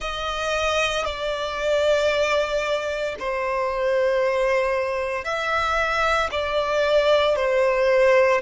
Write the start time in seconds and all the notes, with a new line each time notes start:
0.00 D#5
1.05 D5
3.19 C5
5.24 E5
6.31 D5
7.35 C5